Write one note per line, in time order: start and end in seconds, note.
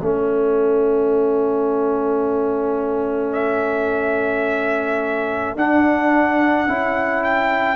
0.00 5.56 A3
0.00 5.57 C#4
0.00 3.32 A4
0.00 7.76 A4
3.32 5.55 E5
5.56 6.67 D4
5.56 6.68 D4
5.56 7.24 F#5
6.67 7.76 C#4
6.67 7.76 E4
7.24 7.76 G5